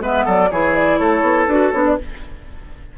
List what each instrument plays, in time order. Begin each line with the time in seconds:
0.00 bassoon G#3, clarinet B3, oboe B4, flute E5
0.24 bassoon F#3, oboe A4, flute D5
0.51 bassoon E3, clarinet E4, oboe G#4, flute C#5
0.75 flute D5
0.98 bassoon A3, oboe A4, flute C#5
1.22 bassoon B3
1.47 bassoon D4, clarinet F#4, flute B4
1.71 bassoon B3, clarinet D4, flute C#5
1.85 flute D5